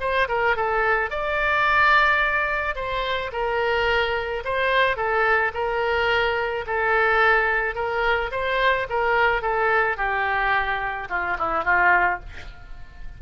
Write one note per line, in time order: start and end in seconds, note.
0.00 0.28 C5
0.28 0.56 A#4
0.56 1.10 A4
1.10 2.75 D5
2.75 3.31 C5
3.32 4.43 A#4
4.44 4.96 C5
4.96 5.52 A4
5.54 6.65 A#4
6.66 7.75 A4
7.75 8.30 A#4
8.31 8.87 C5
8.89 9.41 A#4
9.41 9.97 A4
9.97 11.08 G4
11.09 11.37 F4
11.38 11.64 E4
11.64 12.19 F4